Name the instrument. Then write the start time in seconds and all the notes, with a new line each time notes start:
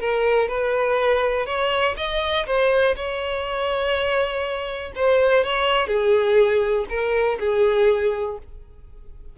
violin
0.00 A#4
0.48 B4
1.46 C#5
1.97 D#5
2.46 C5
2.96 C#5
4.95 C5
5.44 C#5
5.87 G#4
6.89 A#4
7.39 G#4